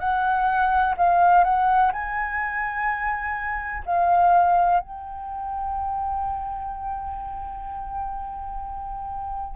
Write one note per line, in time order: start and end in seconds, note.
0.00 0.95 F#5
0.98 1.45 F5
1.45 1.92 F#5
1.93 3.84 G#5
3.86 4.81 F5
4.81 9.57 G5